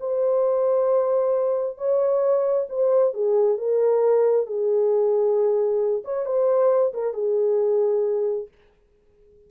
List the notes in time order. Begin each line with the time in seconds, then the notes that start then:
0.00 C5
1.77 C#5
2.69 C5
3.14 G#4
3.58 A#4
4.46 G#4
6.05 C#5
6.26 C5
6.94 A#4
7.14 G#4